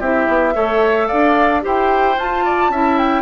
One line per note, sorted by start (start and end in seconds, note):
0.00 0.27 C4
0.00 0.55 E4
0.00 0.54 G4
0.00 1.08 E5
0.28 0.55 B3
0.55 1.10 A3
0.55 1.61 A4
0.55 1.08 C#5
1.08 1.66 D4
1.08 1.62 D5
1.08 1.62 F5
1.61 2.18 E4
1.61 2.16 G4
1.61 2.45 C5
1.61 2.19 G5
2.18 2.70 F4
2.18 2.73 F4
2.18 2.98 A5
2.45 2.72 D5
2.70 3.23 C#4
2.70 3.23 E4
2.70 3.23 E5
2.98 3.23 G5